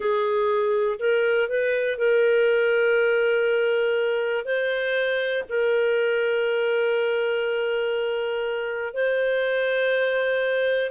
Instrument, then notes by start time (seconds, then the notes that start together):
clarinet
0.00 G#4
0.99 A#4
1.49 B4
1.98 A#4
4.44 C5
5.49 A#4
8.93 C5